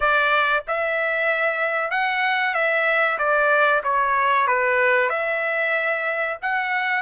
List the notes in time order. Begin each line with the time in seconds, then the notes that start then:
0.00 D5
0.67 E5
1.90 F#5
2.54 E5
3.18 D5
3.83 C#5
4.47 B4
5.09 E5
6.41 F#5